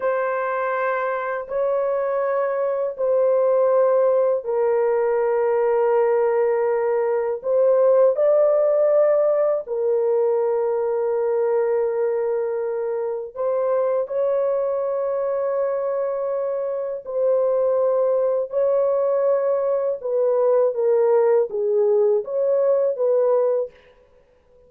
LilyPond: \new Staff \with { instrumentName = "horn" } { \time 4/4 \tempo 4 = 81 c''2 cis''2 | c''2 ais'2~ | ais'2 c''4 d''4~ | d''4 ais'2.~ |
ais'2 c''4 cis''4~ | cis''2. c''4~ | c''4 cis''2 b'4 | ais'4 gis'4 cis''4 b'4 | }